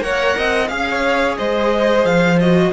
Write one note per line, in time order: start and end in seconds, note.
0.00 0.34 A#3
0.00 0.67 A#4
0.00 0.37 C#5
0.00 0.67 F#5
0.37 0.70 C4
0.37 0.70 D#5
0.67 1.37 C#4
0.67 2.37 G#4
0.67 1.35 F5
0.67 0.87 F5
0.90 1.38 C#5
1.37 2.04 G#3
1.37 2.72 C5
1.37 2.05 D#5
2.04 2.71 F3
2.04 2.39 F5
2.39 2.72 F#4
2.39 2.72 D#5